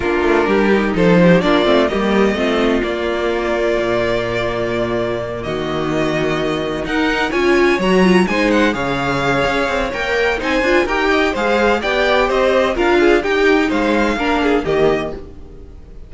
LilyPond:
<<
  \new Staff \with { instrumentName = "violin" } { \time 4/4 \tempo 4 = 127 ais'2 c''4 d''4 | dis''2 d''2~ | d''2.~ d''8 dis''8~ | dis''2~ dis''8 fis''4 gis''8~ |
gis''8 ais''4 gis''8 fis''8 f''4.~ | f''4 g''4 gis''4 g''4 | f''4 g''4 dis''4 f''4 | g''4 f''2 dis''4 | }
  \new Staff \with { instrumentName = "violin" } { \time 4/4 f'4 g'4 a'8 g'8 f'4 | g'4 f'2.~ | f'2.~ f'8 fis'8~ | fis'2~ fis'8 ais'4 cis''8~ |
cis''4. c''4 cis''4.~ | cis''2 c''4 ais'8 dis''8 | c''4 d''4 c''4 ais'8 gis'8 | g'4 c''4 ais'8 gis'8 g'4 | }
  \new Staff \with { instrumentName = "viola" } { \time 4/4 d'4. dis'4. d'8 c'8 | ais4 c'4 ais2~ | ais1~ | ais2~ ais8 dis'4 f'8~ |
f'8 fis'8 f'8 dis'4 gis'4.~ | gis'4 ais'4 dis'8 f'8 g'4 | gis'4 g'2 f'4 | dis'2 d'4 ais4 | }
  \new Staff \with { instrumentName = "cello" } { \time 4/4 ais8 a8 g4 f4 ais8 a8 | g4 a4 ais2 | ais,2.~ ais,8 dis8~ | dis2~ dis8 dis'4 cis'8~ |
cis'8 fis4 gis4 cis4. | cis'8 c'8 ais4 c'8 d'8 dis'4 | gis4 b4 c'4 d'4 | dis'4 gis4 ais4 dis4 | }
>>